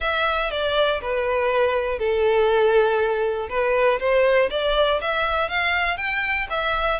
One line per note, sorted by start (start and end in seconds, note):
0.00 0.50 E5
0.50 1.00 D5
1.01 1.99 B4
1.99 3.49 A4
3.49 3.99 B4
3.99 4.49 C5
4.50 5.00 D5
5.01 5.49 E5
5.49 5.97 F5
5.97 6.47 G5
6.50 7.00 E5